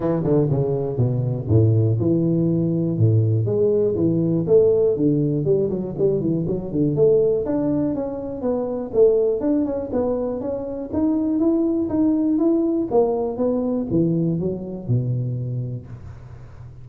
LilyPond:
\new Staff \with { instrumentName = "tuba" } { \time 4/4 \tempo 4 = 121 e8 d8 cis4 b,4 a,4 | e2 a,4 gis4 | e4 a4 d4 g8 fis8 | g8 e8 fis8 d8 a4 d'4 |
cis'4 b4 a4 d'8 cis'8 | b4 cis'4 dis'4 e'4 | dis'4 e'4 ais4 b4 | e4 fis4 b,2 | }